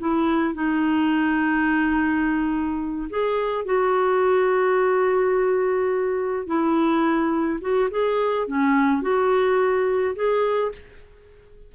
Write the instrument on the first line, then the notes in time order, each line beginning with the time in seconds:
clarinet
0.00 E4
0.55 D#4
3.10 G#4
3.66 F#4
6.47 E4
7.61 F#4
7.91 G#4
8.48 C#4
9.02 F#4
10.16 G#4